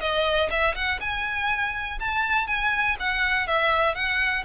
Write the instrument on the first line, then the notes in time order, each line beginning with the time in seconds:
violin
0.00 D#5
0.50 E5
0.75 F#5
1.00 G#5
2.00 A5
2.47 G#5
2.99 F#5
3.47 E5
3.94 F#5